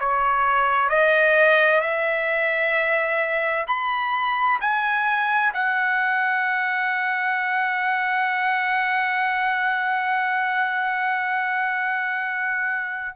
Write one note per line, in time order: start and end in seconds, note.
0.00 0.90 C#5
0.90 1.81 D#5
1.81 3.66 E5
3.68 4.60 B5
4.61 5.53 G#5
5.54 13.16 F#5